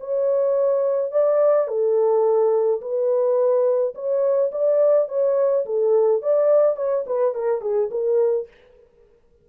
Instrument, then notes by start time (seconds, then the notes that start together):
horn
0.00 C#5
1.12 D5
1.68 A4
2.81 B4
3.95 C#5
4.52 D5
5.08 C#5
5.66 A4
6.22 D5
6.76 C#5
7.06 B4
7.35 A#4
7.61 G#4
7.91 A#4